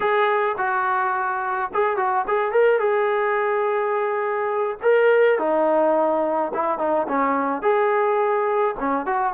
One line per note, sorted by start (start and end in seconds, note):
0.00 0.55 G#4
0.57 1.70 F#4
1.73 1.97 G#4
1.97 2.25 F#4
2.27 2.52 G#4
2.52 2.79 A#4
2.79 4.77 G#4
4.82 5.39 A#4
5.39 6.52 D#4
6.54 6.78 E4
6.78 7.06 D#4
7.08 7.62 C#4
7.62 8.75 G#4
8.79 9.06 C#4
9.06 9.33 F#4